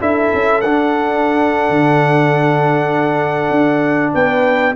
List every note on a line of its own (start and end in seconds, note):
0.00 0.32 D4
0.00 0.63 E4
0.00 4.13 A4
0.00 0.61 E5
0.34 0.64 C#4
0.61 1.70 D4
0.61 4.76 D4
0.61 4.13 F#5
1.70 3.51 D3
3.51 4.12 D4
4.14 4.76 B3
4.14 4.75 B4
4.14 4.76 G5